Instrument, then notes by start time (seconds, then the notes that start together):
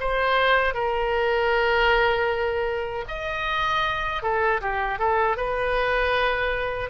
oboe
0.00 C5
0.74 A#4
3.08 D#5
4.22 A4
4.61 G4
4.99 A4
5.37 B4